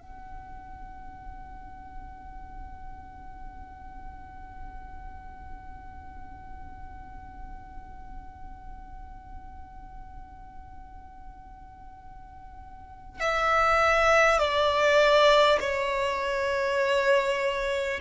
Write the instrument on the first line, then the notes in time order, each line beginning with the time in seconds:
violin
0.00 F#5
13.20 E5
14.39 D5
15.60 C#5